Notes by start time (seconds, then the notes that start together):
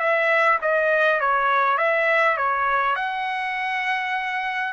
0.00 E5
0.62 D#5
1.21 C#5
1.78 E5
2.38 C#5
2.96 F#5